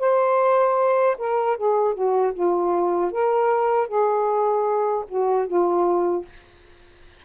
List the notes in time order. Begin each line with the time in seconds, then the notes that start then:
0.00 C5
1.18 A#4
1.58 G#4
1.95 F#4
2.34 F4
3.12 A#4
3.88 G#4
5.09 F#4
5.48 F4